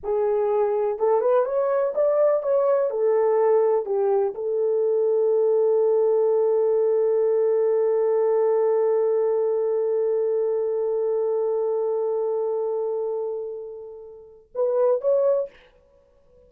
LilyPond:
\new Staff \with { instrumentName = "horn" } { \time 4/4 \tempo 4 = 124 gis'2 a'8 b'8 cis''4 | d''4 cis''4 a'2 | g'4 a'2.~ | a'1~ |
a'1~ | a'1~ | a'1~ | a'2 b'4 cis''4 | }